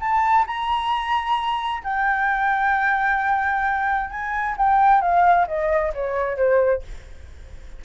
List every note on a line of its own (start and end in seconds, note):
0.00 0.45 A5
0.47 1.83 A#5
1.84 4.10 G5
4.10 4.56 G#5
4.57 5.01 G5
5.01 5.47 F5
5.47 5.93 D#5
5.94 6.37 C#5
6.37 6.82 C5